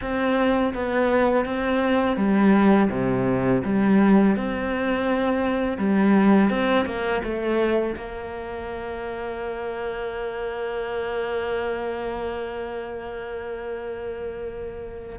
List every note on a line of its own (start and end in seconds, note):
0.01 0.73 C4
0.74 1.45 B3
1.45 2.17 C4
2.17 2.89 G3
2.90 3.62 C3
3.64 4.36 G3
4.36 5.77 C4
5.77 6.50 G3
6.50 6.85 C4
6.85 7.22 A#3
7.23 7.95 A3
7.96 15.18 A#3